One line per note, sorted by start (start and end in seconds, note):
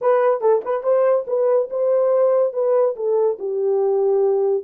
0.01 0.41 B4
0.41 0.62 A4
0.65 0.83 B4
0.83 1.25 C5
1.27 1.69 B4
1.69 2.53 C5
2.53 2.95 B4
2.96 3.38 A4
3.38 4.63 G4